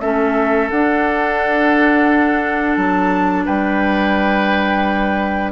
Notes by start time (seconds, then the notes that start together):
0.00 A3 C#4 A4 E5
0.70 D4 F#5
2.75 F#3 A5
3.45 G3 B4 G5